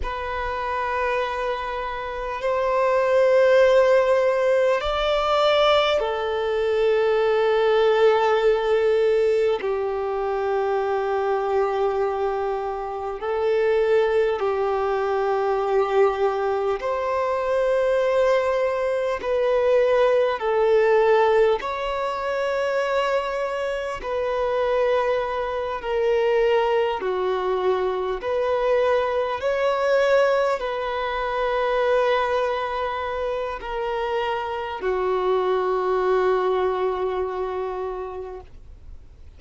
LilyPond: \new Staff \with { instrumentName = "violin" } { \time 4/4 \tempo 4 = 50 b'2 c''2 | d''4 a'2. | g'2. a'4 | g'2 c''2 |
b'4 a'4 cis''2 | b'4. ais'4 fis'4 b'8~ | b'8 cis''4 b'2~ b'8 | ais'4 fis'2. | }